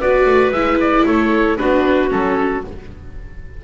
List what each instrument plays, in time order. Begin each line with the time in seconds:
0.00 double bass B3, viola F#4, clarinet B4, oboe D5
0.26 double bass A3
0.52 double bass G#3, viola E4, oboe E5
0.81 oboe D5
1.05 double bass A3, clarinet A4, oboe C#5
1.58 double bass B3, viola D4, clarinet F#4, oboe B4
2.09 double bass F#3, viola C#4, oboe A4